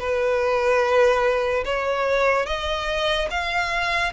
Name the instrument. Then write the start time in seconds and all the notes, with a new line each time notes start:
violin
0.00 B4
1.65 C#5
2.47 D#5
3.31 F5